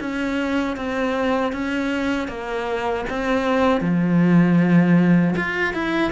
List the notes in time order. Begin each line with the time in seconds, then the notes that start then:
0.00 C#4
0.76 C4
1.52 C#4
2.28 A#3
3.09 C4
3.81 F3
5.36 F4
5.73 E4